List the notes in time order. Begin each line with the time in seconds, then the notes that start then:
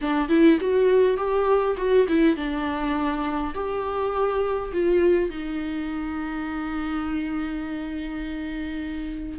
0.01 D4
0.29 E4
0.60 F#4
1.17 G4
1.77 F#4
2.07 E4
2.36 D4
3.54 G4
4.72 F4
5.29 D#4